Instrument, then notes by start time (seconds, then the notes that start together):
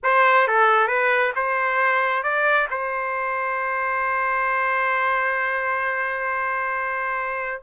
trumpet
0.03 C5
0.47 A4
0.87 B4
1.35 C5
2.23 D5
2.70 C5